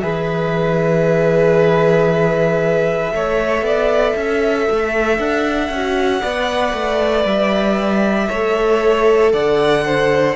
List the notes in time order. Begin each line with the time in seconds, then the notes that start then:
0.00 E3 G#4 B4 E5
3.12 A3 A4 C#5
3.61 B3 D5
4.16 C#4 E5
4.70 A3
5.18 D4 F#5
5.69 C#4 F#4
6.22 B3 B4 D5
6.72 A3
7.24 G3 E5
8.28 A3 A4 C#5
9.32 D3 D5 F#5
9.85 C5